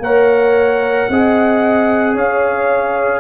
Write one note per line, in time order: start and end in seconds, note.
0.00 1.07 A#3
0.00 1.11 A#4
0.00 1.10 C#5
0.00 2.17 F#5
1.09 2.15 C4
1.09 3.21 G#4
1.09 2.15 D#5
2.15 3.21 C#4
2.15 3.21 C#5
2.15 3.21 F5